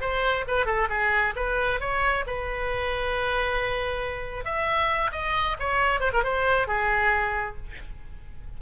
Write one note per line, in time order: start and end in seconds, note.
0.00 0.44 C5
0.47 0.65 B4
0.65 0.88 A4
0.89 1.34 G#4
1.35 1.80 B4
1.80 2.24 C#5
2.26 4.44 B4
4.44 5.11 E5
5.12 5.56 D#5
5.59 6.00 C#5
6.00 6.11 C5
6.13 6.23 A#4
6.23 6.67 C5
6.67 7.56 G#4